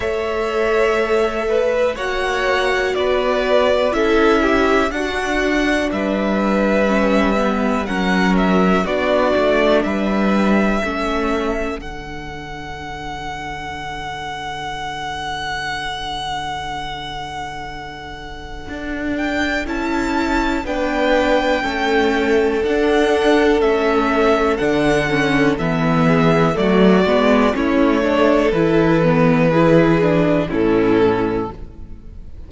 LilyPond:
<<
  \new Staff \with { instrumentName = "violin" } { \time 4/4 \tempo 4 = 61 e''2 fis''4 d''4 | e''4 fis''4 e''2 | fis''8 e''8 d''4 e''2 | fis''1~ |
fis''2.~ fis''8 g''8 | a''4 g''2 fis''4 | e''4 fis''4 e''4 d''4 | cis''4 b'2 a'4 | }
  \new Staff \with { instrumentName = "violin" } { \time 4/4 cis''4. b'8 cis''4 b'4 | a'8 g'8 fis'4 b'2 | ais'4 fis'4 b'4 a'4~ | a'1~ |
a'1~ | a'4 b'4 a'2~ | a'2~ a'8 gis'8 fis'4 | e'8 a'4. gis'4 e'4 | }
  \new Staff \with { instrumentName = "viola" } { \time 4/4 a'2 fis'2 | e'4 d'2 cis'8 b8 | cis'4 d'2 cis'4 | d'1~ |
d'1 | e'4 d'4 cis'4 d'4 | cis'4 d'8 cis'8 b4 a8 b8 | cis'8 d'8 e'8 b8 e'8 d'8 cis'4 | }
  \new Staff \with { instrumentName = "cello" } { \time 4/4 a2 ais4 b4 | cis'4 d'4 g2 | fis4 b8 a8 g4 a4 | d1~ |
d2. d'4 | cis'4 b4 a4 d'4 | a4 d4 e4 fis8 gis8 | a4 e2 a,4 | }
>>